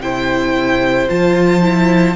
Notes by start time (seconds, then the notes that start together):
0.00 C3 E4 C5 G5
1.08 F3 F4 A5
1.62 E4